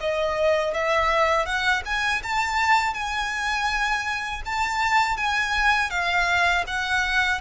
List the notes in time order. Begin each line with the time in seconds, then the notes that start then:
0.00 D#5
0.73 E5
1.45 F#5
1.85 G#5
2.23 A5
2.93 G#5
4.45 A5
5.17 G#5
5.90 F5
6.66 F#5